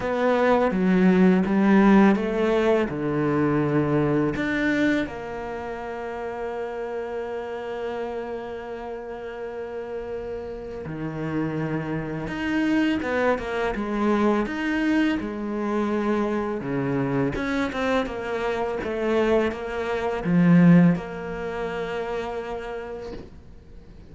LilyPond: \new Staff \with { instrumentName = "cello" } { \time 4/4 \tempo 4 = 83 b4 fis4 g4 a4 | d2 d'4 ais4~ | ais1~ | ais2. dis4~ |
dis4 dis'4 b8 ais8 gis4 | dis'4 gis2 cis4 | cis'8 c'8 ais4 a4 ais4 | f4 ais2. | }